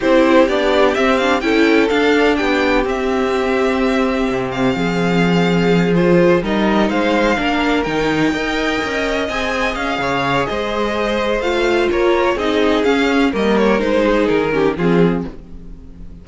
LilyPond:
<<
  \new Staff \with { instrumentName = "violin" } { \time 4/4 \tempo 4 = 126 c''4 d''4 e''8 f''8 g''4 | f''4 g''4 e''2~ | e''4. f''2~ f''8~ | f''8 c''4 dis''4 f''4.~ |
f''8 g''2. gis''8~ | gis''8 f''4. dis''2 | f''4 cis''4 dis''4 f''4 | dis''8 cis''8 c''4 ais'4 gis'4 | }
  \new Staff \with { instrumentName = "violin" } { \time 4/4 g'2. a'4~ | a'4 g'2.~ | g'2 gis'2~ | gis'4. ais'4 c''4 ais'8~ |
ais'4. dis''2~ dis''8~ | dis''4 cis''4 c''2~ | c''4 ais'4 gis'2 | ais'4. gis'4 g'8 f'4 | }
  \new Staff \with { instrumentName = "viola" } { \time 4/4 e'4 d'4 c'8 d'8 e'4 | d'2 c'2~ | c'1~ | c'8 f'4 dis'2 d'8~ |
d'8 dis'4 ais'2 gis'8~ | gis'1 | f'2 dis'4 cis'4 | ais4 dis'4. cis'8 c'4 | }
  \new Staff \with { instrumentName = "cello" } { \time 4/4 c'4 b4 c'4 cis'4 | d'4 b4 c'2~ | c'4 c4 f2~ | f4. g4 gis4 ais8~ |
ais8 dis4 dis'4 cis'4 c'8~ | c'8 cis'8 cis4 gis2 | a4 ais4 c'4 cis'4 | g4 gis4 dis4 f4 | }
>>